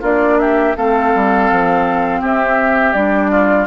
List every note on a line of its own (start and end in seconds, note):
0.00 0.74 A#3
0.00 0.75 D4
0.00 0.37 F4
0.00 0.39 D5
0.39 0.76 G4
0.39 0.75 E5
0.76 1.14 A3
0.76 2.94 C4
0.76 2.20 A4
0.76 2.23 F5
1.14 1.50 G3
1.50 2.21 F3
2.20 2.93 C4
2.20 3.30 G4
2.20 2.93 E5
2.93 3.66 G3
2.93 3.66 D4
2.93 3.66 D5
3.30 3.66 F4